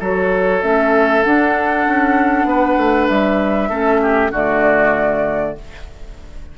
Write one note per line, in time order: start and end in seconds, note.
0.00 0.62 F#3
0.00 0.62 F#4
0.00 2.47 A4
0.00 0.62 C#5
0.62 1.25 A3
0.62 1.24 C#4
0.62 1.23 E5
1.23 3.70 D4
1.23 1.87 D4
1.23 3.09 F#5
1.87 2.45 C#4
2.45 2.76 B3
2.45 3.70 B4
2.78 3.09 A3
3.09 3.70 G3
3.09 4.32 E5
3.70 4.31 A3
3.70 4.32 C#4
3.70 4.01 A4
4.02 4.32 G4
4.31 5.55 D3
4.31 5.56 A3
4.31 5.55 F#4
4.31 5.58 D5